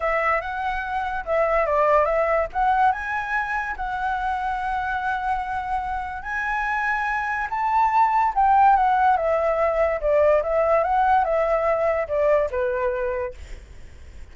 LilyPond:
\new Staff \with { instrumentName = "flute" } { \time 4/4 \tempo 4 = 144 e''4 fis''2 e''4 | d''4 e''4 fis''4 gis''4~ | gis''4 fis''2.~ | fis''2. gis''4~ |
gis''2 a''2 | g''4 fis''4 e''2 | d''4 e''4 fis''4 e''4~ | e''4 d''4 b'2 | }